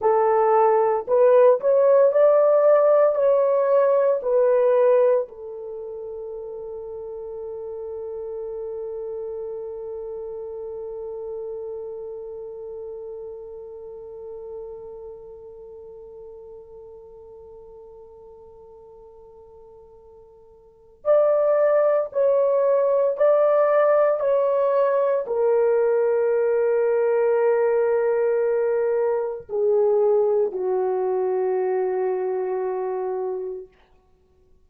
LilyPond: \new Staff \with { instrumentName = "horn" } { \time 4/4 \tempo 4 = 57 a'4 b'8 cis''8 d''4 cis''4 | b'4 a'2.~ | a'1~ | a'1~ |
a'1 | d''4 cis''4 d''4 cis''4 | ais'1 | gis'4 fis'2. | }